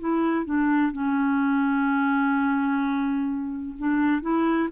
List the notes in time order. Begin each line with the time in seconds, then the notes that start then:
0.00 E4
0.46 D4
0.92 C#4
3.78 D4
4.22 E4